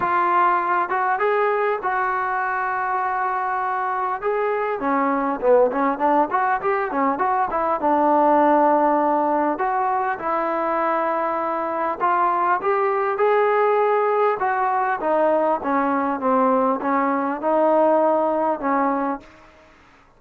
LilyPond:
\new Staff \with { instrumentName = "trombone" } { \time 4/4 \tempo 4 = 100 f'4. fis'8 gis'4 fis'4~ | fis'2. gis'4 | cis'4 b8 cis'8 d'8 fis'8 g'8 cis'8 | fis'8 e'8 d'2. |
fis'4 e'2. | f'4 g'4 gis'2 | fis'4 dis'4 cis'4 c'4 | cis'4 dis'2 cis'4 | }